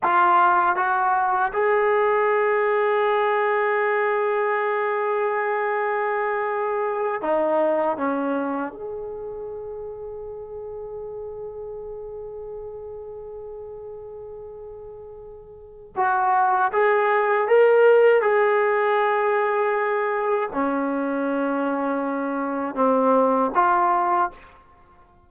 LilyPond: \new Staff \with { instrumentName = "trombone" } { \time 4/4 \tempo 4 = 79 f'4 fis'4 gis'2~ | gis'1~ | gis'4. dis'4 cis'4 gis'8~ | gis'1~ |
gis'1~ | gis'4 fis'4 gis'4 ais'4 | gis'2. cis'4~ | cis'2 c'4 f'4 | }